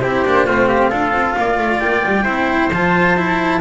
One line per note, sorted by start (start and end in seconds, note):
0.00 0.24 C4
0.00 0.25 E4
0.00 0.46 G4
0.00 0.67 C5
0.25 0.47 A#3
0.25 0.47 D4
0.46 0.91 A3
0.46 0.91 C4
0.46 0.68 F4
0.67 0.90 G4
0.67 1.79 F5
0.90 1.11 D4
0.90 2.25 F4
0.90 1.35 A4
1.11 1.34 C4
1.36 1.58 A#3
1.36 2.23 D5
1.58 1.80 A3
1.80 2.03 A#3
1.80 2.70 G5
2.06 2.24 G3
2.23 2.69 C4
2.23 2.70 E4
2.23 3.59 C5
2.70 3.60 F3
2.70 3.17 F4
2.70 3.61 A5
3.17 3.61 E4